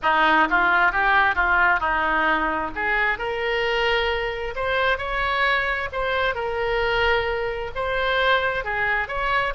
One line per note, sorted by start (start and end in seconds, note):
0.02 0.48 D#4
0.50 0.92 F4
0.92 1.35 G4
1.35 1.80 F4
1.80 2.70 D#4
2.75 3.18 G#4
3.18 4.54 A#4
4.55 4.98 C5
4.98 5.88 C#5
5.92 6.34 C5
6.34 7.71 A#4
7.75 8.64 C5
8.64 9.08 G#4
9.08 9.53 C#5